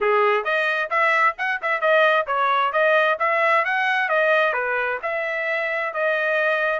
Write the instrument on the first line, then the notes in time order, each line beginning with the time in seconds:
trumpet
0.00 G#4
0.44 D#5
0.90 E5
1.38 F#5
1.62 E5
1.80 D#5
2.26 C#5
2.72 D#5
3.19 E5
3.65 F#5
4.08 D#5
4.53 B4
5.02 E5
5.93 D#5